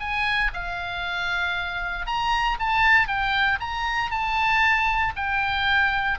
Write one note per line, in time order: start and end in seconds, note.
0.00 0.51 G#5
0.54 2.06 F5
2.06 2.58 A#5
2.59 3.07 A5
3.07 3.59 G5
3.60 4.11 A#5
4.11 5.13 A5
5.16 6.19 G5